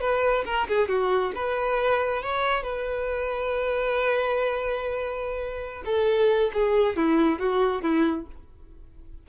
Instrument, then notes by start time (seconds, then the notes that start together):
violin
0.00 B4
0.45 A#4
0.68 G#4
0.88 F#4
1.35 B4
2.22 C#5
2.63 B4
5.85 A4
6.53 G#4
6.96 E4
7.39 F#4
7.82 E4